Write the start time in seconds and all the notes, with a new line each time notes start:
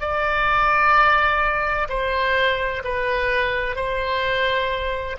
0.00 D5
1.89 C5
2.84 B4
3.76 C5